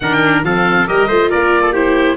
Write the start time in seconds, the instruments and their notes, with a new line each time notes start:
0.00 tuba D#3, viola D4, trumpet A#4, oboe G5
0.43 tuba F3, viola C4, trumpet A4, oboe F5
0.86 tuba G3, viola G4, trumpet A#4, oboe D#5
1.07 tuba A3, viola F4, trumpet C5
1.29 tuba A#3, trumpet A#4, oboe D5
1.62 trumpet A4
1.72 viola E4, trumpet G4, oboe C5